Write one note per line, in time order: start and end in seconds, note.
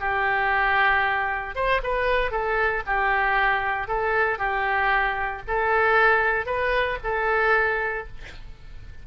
0.00 1.55 G4
1.55 1.81 C5
1.83 2.31 B4
2.31 2.83 A4
2.86 3.87 G4
3.87 4.38 A4
4.38 5.42 G4
5.47 6.46 A4
6.46 6.98 B4
7.03 8.07 A4